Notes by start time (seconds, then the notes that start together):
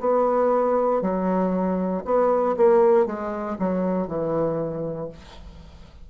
0.00 B3
1.02 F#3
2.04 B3
2.57 A#3
3.06 G#3
3.58 F#3
4.07 E3